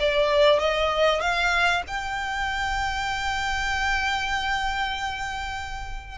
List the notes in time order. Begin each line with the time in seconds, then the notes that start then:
0.00 D5
0.59 D#5
1.21 F5
1.88 G5